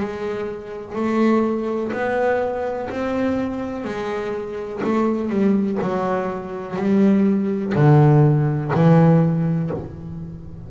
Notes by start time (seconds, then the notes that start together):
0.00 G#3
0.95 A3
1.93 B3
2.90 C4
3.84 G#3
4.83 A3
5.30 G3
5.82 F#3
6.77 G3
7.75 D3
8.74 E3